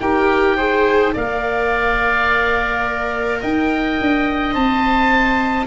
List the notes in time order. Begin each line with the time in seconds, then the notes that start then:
0.00 D#4 G4 A#4 G5
0.57 G#4 C5
1.13 A#3 A#4 D5 F5
3.40 D#4 D#5 G5
4.00 D4
4.53 C4 C5 A5